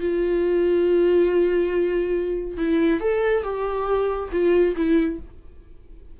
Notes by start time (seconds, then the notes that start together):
0.00 F4
2.57 E4
3.00 A4
3.43 G4
4.32 F4
4.76 E4